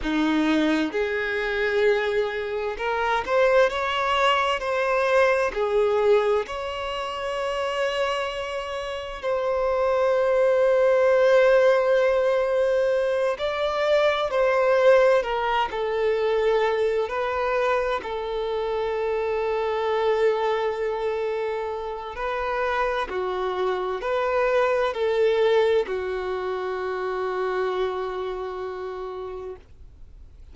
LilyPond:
\new Staff \with { instrumentName = "violin" } { \time 4/4 \tempo 4 = 65 dis'4 gis'2 ais'8 c''8 | cis''4 c''4 gis'4 cis''4~ | cis''2 c''2~ | c''2~ c''8 d''4 c''8~ |
c''8 ais'8 a'4. b'4 a'8~ | a'1 | b'4 fis'4 b'4 a'4 | fis'1 | }